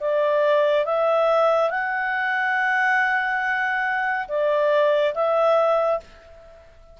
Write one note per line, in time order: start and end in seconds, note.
0.00 0.85 D5
0.85 1.70 E5
1.70 4.27 F#5
4.28 5.14 D5
5.14 6.00 E5